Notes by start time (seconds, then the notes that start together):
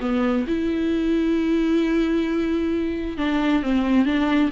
0.00 B3
0.47 E4
3.17 D4
3.62 C4
4.05 D4